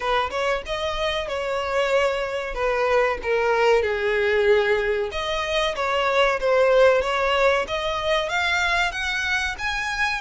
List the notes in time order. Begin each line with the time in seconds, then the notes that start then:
0.00 B4
0.30 C#5
0.66 D#5
1.28 C#5
2.54 B4
3.22 A#4
3.82 G#4
5.11 D#5
5.75 C#5
6.39 C5
7.01 C#5
7.67 D#5
8.29 F5
8.91 F#5
9.58 G#5